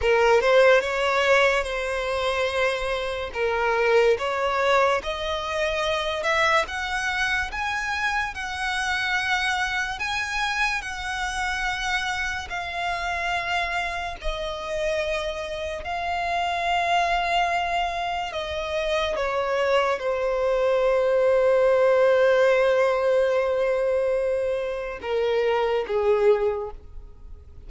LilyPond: \new Staff \with { instrumentName = "violin" } { \time 4/4 \tempo 4 = 72 ais'8 c''8 cis''4 c''2 | ais'4 cis''4 dis''4. e''8 | fis''4 gis''4 fis''2 | gis''4 fis''2 f''4~ |
f''4 dis''2 f''4~ | f''2 dis''4 cis''4 | c''1~ | c''2 ais'4 gis'4 | }